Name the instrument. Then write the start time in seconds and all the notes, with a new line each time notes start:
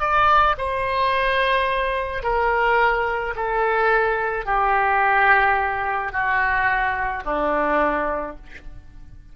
oboe
0.00 D5
0.58 C5
2.23 A#4
3.36 A4
4.46 G4
6.13 F#4
7.25 D4